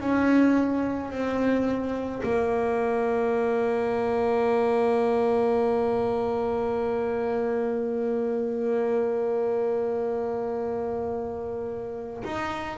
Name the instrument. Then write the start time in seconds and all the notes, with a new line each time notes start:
double bass
0.00 C#4
1.11 C4
2.23 A#3
12.24 D#4